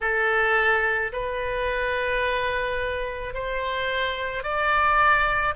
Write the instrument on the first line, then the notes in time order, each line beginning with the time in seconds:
oboe
0.01 A4
1.12 B4
3.34 C5
4.43 D5